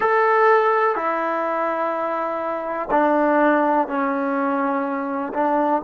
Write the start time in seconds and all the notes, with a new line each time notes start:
0.00 A4
0.95 E4
2.90 D4
3.87 C#4
5.33 D4